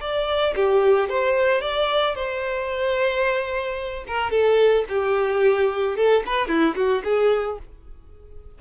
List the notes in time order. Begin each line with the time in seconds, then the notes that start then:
0.00 D5
0.55 G4
1.09 C5
1.61 D5
2.15 C5
4.07 A#4
4.30 A4
4.89 G4
5.96 A4
6.26 B4
6.47 E4
6.75 F#4
7.04 G#4